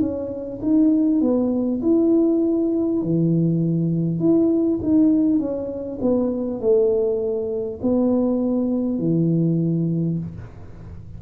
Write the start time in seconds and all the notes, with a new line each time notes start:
0.00 C#4
0.62 D#4
1.21 B3
1.82 E4
3.02 E3
4.19 E4
4.82 D#4
5.39 C#4
6.01 B3
6.60 A3
7.82 B3
8.98 E3